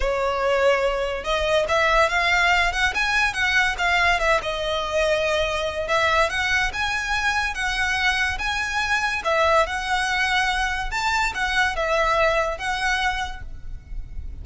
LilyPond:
\new Staff \with { instrumentName = "violin" } { \time 4/4 \tempo 4 = 143 cis''2. dis''4 | e''4 f''4. fis''8 gis''4 | fis''4 f''4 e''8 dis''4.~ | dis''2 e''4 fis''4 |
gis''2 fis''2 | gis''2 e''4 fis''4~ | fis''2 a''4 fis''4 | e''2 fis''2 | }